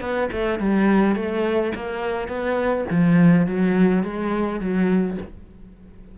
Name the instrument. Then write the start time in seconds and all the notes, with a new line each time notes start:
cello
0.00 B3
0.32 A3
0.59 G3
1.15 A3
1.75 A#3
2.28 B3
2.90 F3
3.46 F#3
4.03 G#3
4.60 F#3